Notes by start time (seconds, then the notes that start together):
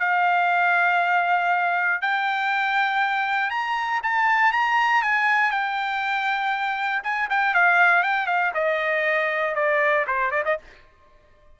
0.00 F5
2.02 G5
3.50 A#5
4.04 A5
4.52 A#5
5.03 G#5
5.51 G5
7.04 G#5
7.30 G5
7.55 F5
8.03 G5
8.27 F5
8.54 D#5
9.55 D5
10.07 C5
10.31 D5
10.46 D#5